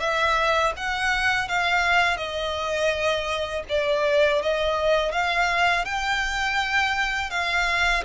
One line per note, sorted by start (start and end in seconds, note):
0.00 0.73 E5
0.77 1.49 F#5
1.49 2.17 F5
2.17 3.64 D#5
3.69 4.42 D5
4.42 5.12 D#5
5.12 5.85 F5
5.85 7.30 G5
7.30 8.04 F5